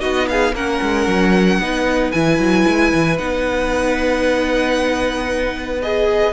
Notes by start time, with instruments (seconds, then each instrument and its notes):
0.00 cello B3, viola D#4, violin F#4 D#5
0.28 violin G#4 F5
0.53 cello A#3, viola C#4, violin A#4 F#5
0.82 cello G#3
1.07 cello F#3
1.59 cello B3, viola D#4, violin B4
2.12 cello E3, viola E4, violin G#5
2.39 cello F#3
2.67 cello G#3
2.94 cello E3
3.18 cello B3, viola D#4, violin F#5
5.82 viola G#4, violin D#5